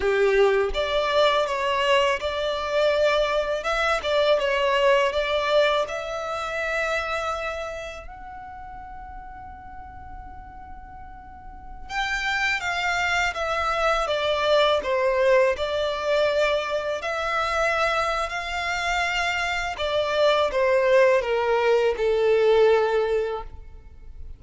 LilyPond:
\new Staff \with { instrumentName = "violin" } { \time 4/4 \tempo 4 = 82 g'4 d''4 cis''4 d''4~ | d''4 e''8 d''8 cis''4 d''4 | e''2. fis''4~ | fis''1~ |
fis''16 g''4 f''4 e''4 d''8.~ | d''16 c''4 d''2 e''8.~ | e''4 f''2 d''4 | c''4 ais'4 a'2 | }